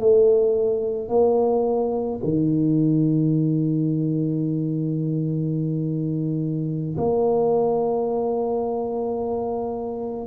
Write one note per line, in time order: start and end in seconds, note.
0.00 1.09 A3
1.09 2.20 A#3
2.24 6.96 D#3
6.98 10.27 A#3